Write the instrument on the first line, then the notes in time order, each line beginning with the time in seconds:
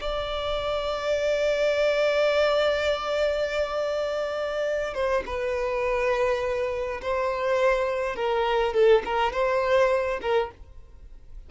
violin
0.00 D5
4.94 C5
5.26 B4
7.01 C5
8.16 A#4
8.74 A4
9.05 A#4
9.33 C5
10.21 A#4